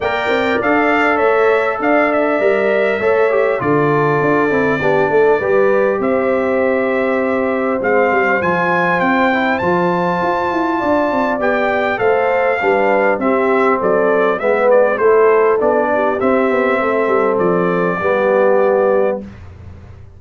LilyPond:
<<
  \new Staff \with { instrumentName = "trumpet" } { \time 4/4 \tempo 4 = 100 g''4 f''4 e''4 f''8 e''8~ | e''2 d''2~ | d''2 e''2~ | e''4 f''4 gis''4 g''4 |
a''2. g''4 | f''2 e''4 d''4 | e''8 d''8 c''4 d''4 e''4~ | e''4 d''2. | }
  \new Staff \with { instrumentName = "horn" } { \time 4/4 d''2 cis''4 d''4~ | d''4 cis''4 a'2 | g'8 a'8 b'4 c''2~ | c''1~ |
c''2 d''2 | c''4 b'4 g'4 a'4 | b'4 a'4. g'4. | a'2 g'2 | }
  \new Staff \with { instrumentName = "trombone" } { \time 4/4 ais'4 a'2. | ais'4 a'8 g'8 f'4. e'8 | d'4 g'2.~ | g'4 c'4 f'4. e'8 |
f'2. g'4 | a'4 d'4 c'2 | b4 e'4 d'4 c'4~ | c'2 b2 | }
  \new Staff \with { instrumentName = "tuba" } { \time 4/4 ais8 c'8 d'4 a4 d'4 | g4 a4 d4 d'8 c'8 | b8 a8 g4 c'2~ | c'4 gis8 g8 f4 c'4 |
f4 f'8 e'8 d'8 c'8 b4 | a4 g4 c'4 fis4 | gis4 a4 b4 c'8 b8 | a8 g8 f4 g2 | }
>>